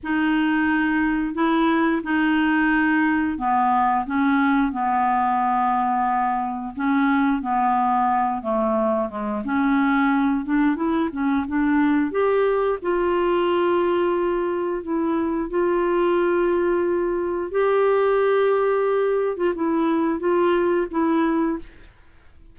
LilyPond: \new Staff \with { instrumentName = "clarinet" } { \time 4/4 \tempo 4 = 89 dis'2 e'4 dis'4~ | dis'4 b4 cis'4 b4~ | b2 cis'4 b4~ | b8 a4 gis8 cis'4. d'8 |
e'8 cis'8 d'4 g'4 f'4~ | f'2 e'4 f'4~ | f'2 g'2~ | g'8. f'16 e'4 f'4 e'4 | }